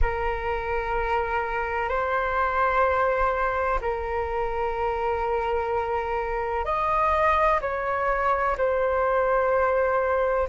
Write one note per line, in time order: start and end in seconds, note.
0.01 1.88 A#4
1.88 3.79 C5
3.81 6.65 A#4
6.65 7.60 D#5
7.61 8.56 C#5
8.57 10.48 C5